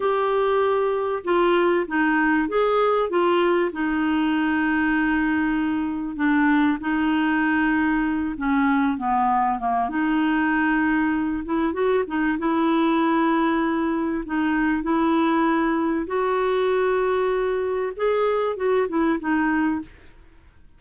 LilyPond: \new Staff \with { instrumentName = "clarinet" } { \time 4/4 \tempo 4 = 97 g'2 f'4 dis'4 | gis'4 f'4 dis'2~ | dis'2 d'4 dis'4~ | dis'4. cis'4 b4 ais8 |
dis'2~ dis'8 e'8 fis'8 dis'8 | e'2. dis'4 | e'2 fis'2~ | fis'4 gis'4 fis'8 e'8 dis'4 | }